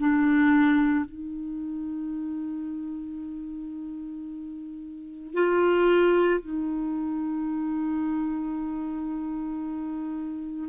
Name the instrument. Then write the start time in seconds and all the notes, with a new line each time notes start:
clarinet
0.00 D4
1.05 D#4
5.34 F4
6.40 D#4